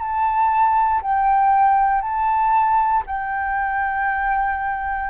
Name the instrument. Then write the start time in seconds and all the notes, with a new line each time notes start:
flute
0.00 A5
1.02 G5
2.02 A5
3.07 G5